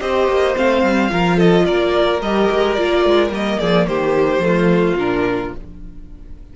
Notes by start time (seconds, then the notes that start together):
0.00 C4 G4 C5 D#5
0.27 A#3
0.56 A3 C4 F5
0.82 G3
1.10 F3 F4 A#4
1.36 A4 D#5
1.65 A#3 A#4 D5
2.21 G3 G4 D#5
2.51 G#3
2.74 A#3 F4 D5
3.05 G#3
3.30 G3 A#3 D#5
3.59 F3 G#4 D5
3.87 D#3 G4 C5
4.38 F3 A3
4.46 F4
4.96 A#2 D4 A#4